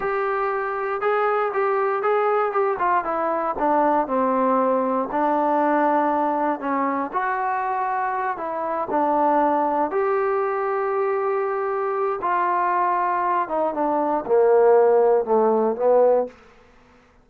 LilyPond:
\new Staff \with { instrumentName = "trombone" } { \time 4/4 \tempo 4 = 118 g'2 gis'4 g'4 | gis'4 g'8 f'8 e'4 d'4 | c'2 d'2~ | d'4 cis'4 fis'2~ |
fis'8 e'4 d'2 g'8~ | g'1 | f'2~ f'8 dis'8 d'4 | ais2 a4 b4 | }